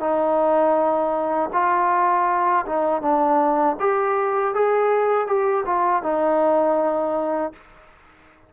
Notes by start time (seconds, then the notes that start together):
0.00 D#4
1.53 F4
2.66 D#4
3.01 D4
3.79 G4
4.54 G#4
5.27 G4
5.66 F4
6.03 D#4